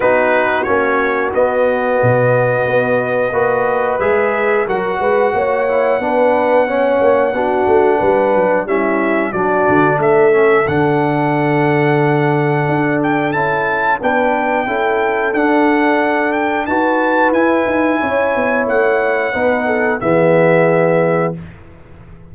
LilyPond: <<
  \new Staff \with { instrumentName = "trumpet" } { \time 4/4 \tempo 4 = 90 b'4 cis''4 dis''2~ | dis''2 e''4 fis''4~ | fis''1~ | fis''4 e''4 d''4 e''4 |
fis''2.~ fis''8 g''8 | a''4 g''2 fis''4~ | fis''8 g''8 a''4 gis''2 | fis''2 e''2 | }
  \new Staff \with { instrumentName = "horn" } { \time 4/4 fis'1~ | fis'4 b'2 ais'8 b'8 | cis''4 b'4 cis''4 fis'4 | b'4 e'4 fis'4 a'4~ |
a'1~ | a'4 b'4 a'2~ | a'4 b'2 cis''4~ | cis''4 b'8 a'8 gis'2 | }
  \new Staff \with { instrumentName = "trombone" } { \time 4/4 dis'4 cis'4 b2~ | b4 fis'4 gis'4 fis'4~ | fis'8 e'8 d'4 cis'4 d'4~ | d'4 cis'4 d'4. cis'8 |
d'1 | e'4 d'4 e'4 d'4~ | d'4 fis'4 e'2~ | e'4 dis'4 b2 | }
  \new Staff \with { instrumentName = "tuba" } { \time 4/4 b4 ais4 b4 b,4 | b4 ais4 gis4 fis8 gis8 | ais4 b4. ais8 b8 a8 | g8 fis8 g4 fis8 d8 a4 |
d2. d'4 | cis'4 b4 cis'4 d'4~ | d'4 dis'4 e'8 dis'8 cis'8 b8 | a4 b4 e2 | }
>>